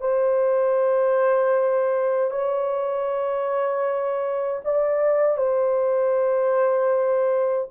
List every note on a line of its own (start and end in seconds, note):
0.00 2.30 C5
2.30 4.61 C#5
4.65 5.37 D5
5.37 7.68 C5